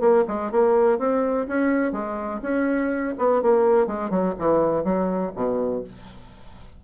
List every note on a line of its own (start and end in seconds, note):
0.00 0.24 A#3
0.28 0.51 G#3
0.51 0.98 A#3
0.98 1.47 C4
1.48 1.92 C#4
1.92 2.41 G#3
2.42 3.15 C#4
3.18 3.42 B3
3.42 3.87 A#3
3.87 4.10 G#3
4.10 4.34 F#3
4.38 4.84 E3
4.84 5.32 F#3
5.35 5.84 B2